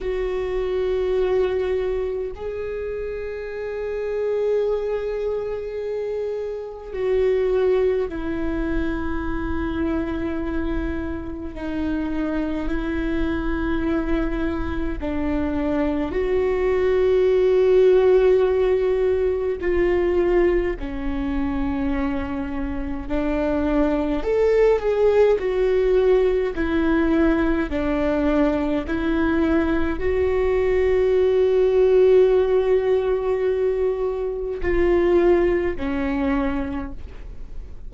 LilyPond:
\new Staff \with { instrumentName = "viola" } { \time 4/4 \tempo 4 = 52 fis'2 gis'2~ | gis'2 fis'4 e'4~ | e'2 dis'4 e'4~ | e'4 d'4 fis'2~ |
fis'4 f'4 cis'2 | d'4 a'8 gis'8 fis'4 e'4 | d'4 e'4 fis'2~ | fis'2 f'4 cis'4 | }